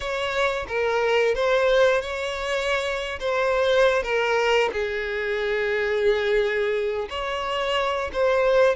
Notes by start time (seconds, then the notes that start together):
0.00 C#5
0.67 A#4
1.35 C5
2.01 C#5
3.19 C5
4.02 A#4
4.72 G#4
7.09 C#5
8.12 C5